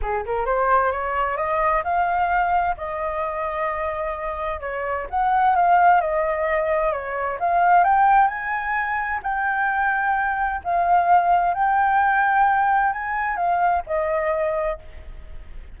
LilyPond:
\new Staff \with { instrumentName = "flute" } { \time 4/4 \tempo 4 = 130 gis'8 ais'8 c''4 cis''4 dis''4 | f''2 dis''2~ | dis''2 cis''4 fis''4 | f''4 dis''2 cis''4 |
f''4 g''4 gis''2 | g''2. f''4~ | f''4 g''2. | gis''4 f''4 dis''2 | }